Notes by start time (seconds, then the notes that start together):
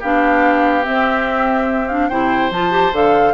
0.00 B3 D4 G4 F5
0.84 C4 E5
1.89 D4 F5
2.09 C3 E4 C5 G5
2.51 F3 F4 A5
2.71 G4
2.93 D3 A4 F5